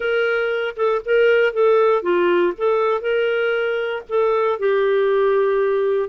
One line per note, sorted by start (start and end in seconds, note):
0.00 0.74 A#4
0.76 1.01 A4
1.05 1.53 A#4
1.53 2.02 A4
2.02 2.53 F4
2.57 3.01 A4
3.01 4.02 A#4
4.09 4.59 A4
4.59 6.09 G4